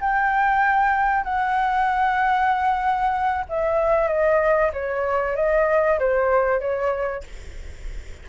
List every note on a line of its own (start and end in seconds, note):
0.00 1.23 G5
1.23 3.44 F#5
3.49 4.08 E5
4.08 4.71 D#5
4.73 5.36 C#5
5.36 5.99 D#5
5.99 6.60 C5
6.60 7.23 C#5